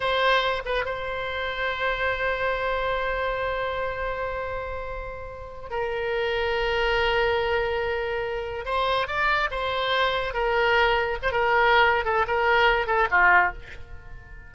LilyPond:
\new Staff \with { instrumentName = "oboe" } { \time 4/4 \tempo 4 = 142 c''4. b'8 c''2~ | c''1~ | c''1~ | c''4. ais'2~ ais'8~ |
ais'1~ | ais'8 c''4 d''4 c''4.~ | c''8 ais'2 c''16 ais'4~ ais'16~ | ais'8 a'8 ais'4. a'8 f'4 | }